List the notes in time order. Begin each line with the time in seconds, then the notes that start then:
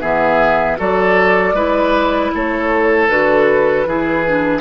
0.00 E3 B3 G#4 E5
0.77 F#3 F#4 A4 D5
1.53 G#3 E4 B4
2.34 A3 A4 C#5
3.08 D3 F#4 B4
3.85 E3 E4 G#4
4.26 D4